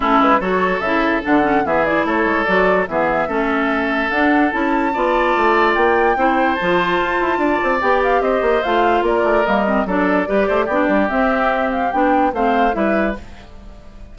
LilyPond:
<<
  \new Staff \with { instrumentName = "flute" } { \time 4/4 \tempo 4 = 146 a'8 b'8 cis''4 e''4 fis''4 | e''8 d''8 cis''4 d''4 e''4~ | e''2 fis''4 a''4~ | a''2 g''2 |
a''2. g''8 f''8 | dis''4 f''4 d''4 dis''4 | d''2. e''4~ | e''8 f''8 g''4 f''4 e''4 | }
  \new Staff \with { instrumentName = "oboe" } { \time 4/4 e'4 a'2. | gis'4 a'2 gis'4 | a'1 | d''2. c''4~ |
c''2 d''2 | c''2 ais'2 | a'4 b'8 c''8 g'2~ | g'2 c''4 b'4 | }
  \new Staff \with { instrumentName = "clarinet" } { \time 4/4 cis'4 fis'4 e'4 d'8 cis'8 | b8 e'4. fis'4 b4 | cis'2 d'4 e'4 | f'2. e'4 |
f'2. g'4~ | g'4 f'2 ais8 c'8 | d'4 g'4 d'4 c'4~ | c'4 d'4 c'4 e'4 | }
  \new Staff \with { instrumentName = "bassoon" } { \time 4/4 a8 gis8 fis4 cis4 d4 | e4 a8 gis8 fis4 e4 | a2 d'4 cis'4 | b4 a4 ais4 c'4 |
f4 f'8 e'8 d'8 c'8 b4 | c'8 ais8 a4 ais8 a8 g4 | fis4 g8 a8 b8 g8 c'4~ | c'4 b4 a4 g4 | }
>>